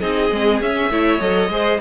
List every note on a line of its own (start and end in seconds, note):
0.00 0.31 C4
0.00 0.30 D#4
0.00 0.90 G#4
0.00 0.60 D#5
0.31 0.60 G#3
0.31 0.62 C4
0.60 0.89 C#4
0.60 0.91 C#4
0.60 1.20 E5
0.89 1.19 A3
0.89 1.20 E4
0.89 1.51 C#5
1.20 1.48 F#3
1.20 1.50 A4
1.20 1.80 D#5
1.48 1.78 G#3
1.48 1.80 G#4
1.48 1.80 C5